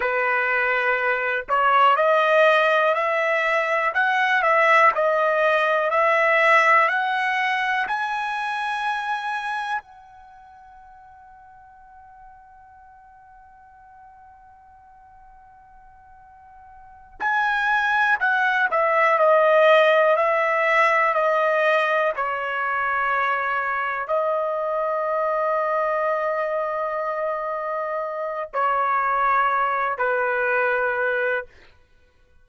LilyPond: \new Staff \with { instrumentName = "trumpet" } { \time 4/4 \tempo 4 = 61 b'4. cis''8 dis''4 e''4 | fis''8 e''8 dis''4 e''4 fis''4 | gis''2 fis''2~ | fis''1~ |
fis''4. gis''4 fis''8 e''8 dis''8~ | dis''8 e''4 dis''4 cis''4.~ | cis''8 dis''2.~ dis''8~ | dis''4 cis''4. b'4. | }